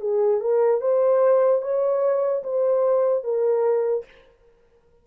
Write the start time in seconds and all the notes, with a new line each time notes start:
0.00 G#4
0.41 A#4
0.81 C5
1.61 C#5
2.43 C5
3.24 A#4